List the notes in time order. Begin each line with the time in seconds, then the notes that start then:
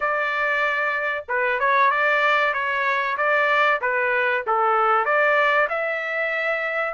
0.00 D5
1.28 B4
1.59 C#5
1.90 D5
2.53 C#5
3.17 D5
3.81 B4
4.47 A4
5.05 D5
5.69 E5